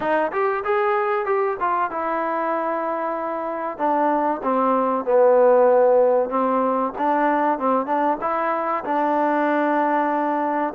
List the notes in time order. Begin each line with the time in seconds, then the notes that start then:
0.00 D#4
0.32 G4
0.64 G#4
1.25 G4
1.60 F4
1.91 E4
3.78 D4
4.43 C4
5.04 B3
6.29 C4
6.98 D4
7.58 C4
7.86 D4
8.20 E4
8.84 D4